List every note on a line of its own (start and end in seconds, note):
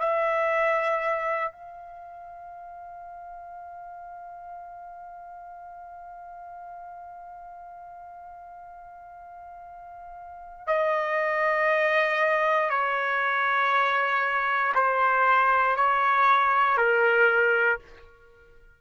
0.00 1.52 E5
1.52 10.67 F5
10.67 12.70 D#5
12.70 14.73 C#5
14.75 15.76 C5
15.76 16.78 C#5
16.78 17.79 A#4